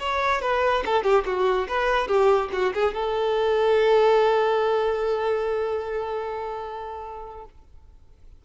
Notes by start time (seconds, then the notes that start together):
0.00 C#5
0.42 B4
0.86 A4
1.04 G4
1.26 F#4
1.69 B4
2.08 G4
2.53 F#4
2.74 G#4
2.95 A4